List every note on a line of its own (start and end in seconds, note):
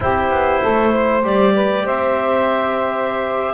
0.00 0.30 C4
0.00 1.23 E4
0.00 0.61 G4
0.00 1.25 C5
0.30 0.61 B3
0.61 1.23 A3
0.61 0.92 A4
0.92 1.54 C5
1.23 1.84 G3
1.23 3.54 G4
1.23 1.86 D5
1.54 1.85 B4
1.84 3.54 C4
1.84 3.54 C5
1.84 3.54 E5